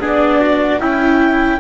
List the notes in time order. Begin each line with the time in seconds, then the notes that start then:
0.00 B3 D4 G#4 D5
0.41 F#4
0.80 C#4 E4 G5